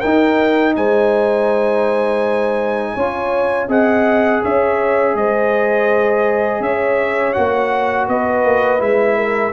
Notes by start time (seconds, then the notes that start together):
0.00 D#4 A#4 G5
0.76 G#3 C5 G#5
2.94 C#4 F4 C#5
3.68 C4 G#4 D#5 F#5
4.42 C#4 C#5 E5
5.14 G#3 C5 D#5
6.60 C#4 C#5 E5
7.33 A#3 F#4 F#5
8.08 B3 B4 D#5
8.44 A#3
8.79 G#3 E4 E5
9.16 A#4